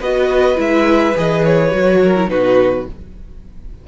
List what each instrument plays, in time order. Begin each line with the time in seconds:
0.00 cello B3, viola F#4, violin B4 D#5
0.56 cello G#3, viola E4, violin E5
1.17 cello E3, viola G#4, violin D#5
1.45 violin C#5
1.72 cello F#3, viola F#4
2.03 violin A#4
2.17 viola E4
2.28 cello B2, viola D#4, violin F#4 B4